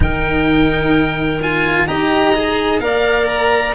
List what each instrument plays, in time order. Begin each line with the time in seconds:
0.00 tuba D#3, cello D#4, clarinet A#4, oboe G5
1.42 cello F4, oboe G#5
1.86 tuba D#4, cello G4, clarinet D#5, oboe A#5
2.35 cello G#4
2.79 tuba A#3, cello A#4, clarinet D5, oboe F5
3.28 oboe A#5